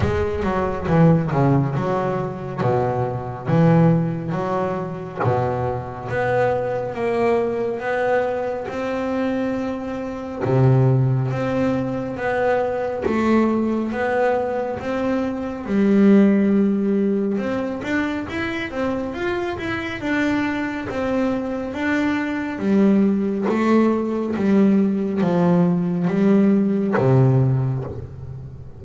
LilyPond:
\new Staff \with { instrumentName = "double bass" } { \time 4/4 \tempo 4 = 69 gis8 fis8 e8 cis8 fis4 b,4 | e4 fis4 b,4 b4 | ais4 b4 c'2 | c4 c'4 b4 a4 |
b4 c'4 g2 | c'8 d'8 e'8 c'8 f'8 e'8 d'4 | c'4 d'4 g4 a4 | g4 f4 g4 c4 | }